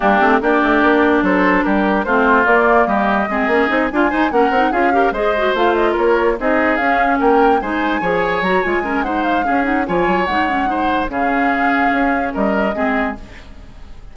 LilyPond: <<
  \new Staff \with { instrumentName = "flute" } { \time 4/4 \tempo 4 = 146 g'4 d''2 c''4 | ais'4 c''4 d''4 dis''4~ | dis''4. gis''4 fis''4 f''8~ | f''8 dis''4 f''8 dis''8 cis''4 dis''8~ |
dis''8 f''4 g''4 gis''4.~ | gis''8 ais''8 gis''4 fis''8 f''4 fis''8 | gis''4 fis''2 f''4~ | f''2 dis''2 | }
  \new Staff \with { instrumentName = "oboe" } { \time 4/4 d'4 g'2 a'4 | g'4 f'2 g'4 | gis'4. f'8 c''8 ais'4 gis'8 | ais'8 c''2 ais'4 gis'8~ |
gis'4. ais'4 c''4 cis''8~ | cis''4. ais'8 c''4 gis'4 | cis''2 c''4 gis'4~ | gis'2 ais'4 gis'4 | }
  \new Staff \with { instrumentName = "clarinet" } { \time 4/4 ais8 c'8 d'2.~ | d'4 c'4 ais2 | c'8 cis'8 dis'8 f'8 dis'8 cis'8 dis'8 f'8 | g'8 gis'8 fis'8 f'2 dis'8~ |
dis'8 cis'2 dis'4 gis'8~ | gis'8 fis'8 f'8 cis'8 dis'4 cis'8 dis'8 | f'4 dis'8 cis'8 dis'4 cis'4~ | cis'2. c'4 | }
  \new Staff \with { instrumentName = "bassoon" } { \time 4/4 g8 a8 ais8 a8 ais4 fis4 | g4 a4 ais4 g4 | gis8 ais8 c'8 d'8 dis'8 ais8 c'8 cis'8~ | cis'8 gis4 a4 ais4 c'8~ |
c'8 cis'4 ais4 gis4 f8~ | f8 fis8 gis2 cis'4 | f8 fis8 gis2 cis4~ | cis4 cis'4 g4 gis4 | }
>>